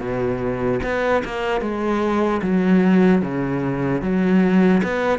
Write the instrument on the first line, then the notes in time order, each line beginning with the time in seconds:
cello
0.00 B2
0.83 B3
1.24 A#3
1.61 G#3
2.42 F#3
3.22 C#3
4.02 F#3
4.83 B3